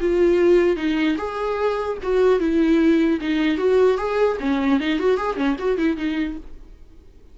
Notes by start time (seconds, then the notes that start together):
0.00 F4
0.76 D#4
1.17 G#4
2.02 F#4
2.39 E4
3.20 D#4
3.57 F#4
3.97 G#4
4.40 C#4
4.80 D#4
4.99 F#4
5.17 G#4
5.36 C#4
5.59 F#4
5.77 E4
5.96 D#4